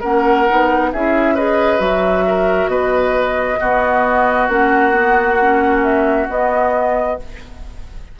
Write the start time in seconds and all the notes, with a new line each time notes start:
0.00 A#3 C#4 A#4 F#5
0.48 B3 D#4
0.92 C#4 E4 G#4 E5
1.34 G#4 B4 D#5
1.78 F#3 F#4 E5
2.27 A#4
2.67 B2 B4 D#5
3.60 B3 F#4
4.47 A#3 C#4 F#5
4.92 B3
5.41 C#4
5.83 E5
6.29 B3 D#5